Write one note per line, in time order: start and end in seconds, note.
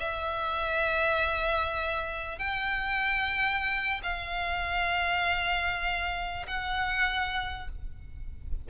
0.00 2.39 E5
2.39 4.01 G5
4.03 6.47 F5
6.47 7.69 F#5